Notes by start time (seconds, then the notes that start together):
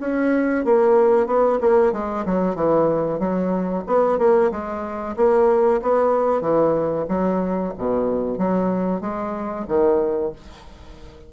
0.00 C#4
0.65 A#3
1.26 B3
1.60 A#3
1.92 G#3
2.26 F#3
2.55 E3
3.19 F#3
3.87 B3
4.18 A#3
4.51 G#3
5.16 A#3
5.82 B3
6.41 E3
7.08 F#3
7.77 B2
8.38 F#3
9.01 G#3
9.68 D#3